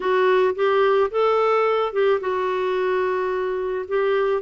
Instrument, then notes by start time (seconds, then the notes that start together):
clarinet
0.00 F#4
0.55 G4
1.10 A4
1.92 G4
2.20 F#4
3.88 G4